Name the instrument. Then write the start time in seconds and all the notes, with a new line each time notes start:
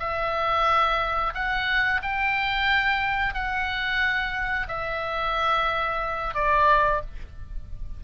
oboe
0.00 E5
1.35 F#5
2.03 G5
3.34 F#5
4.68 E5
6.35 D5